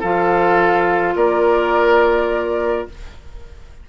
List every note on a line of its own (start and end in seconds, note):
0.00 1.16 F3
0.00 2.89 F4
0.00 1.14 A4
0.00 1.16 F5
1.16 2.87 A#3
1.16 2.87 A#4
1.16 2.88 D5